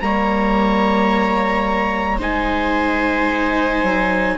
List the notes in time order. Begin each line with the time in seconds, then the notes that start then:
0.00 G3 A#3 C#5 A#5
2.18 G#3 D#4 C5 G#5
3.82 F#3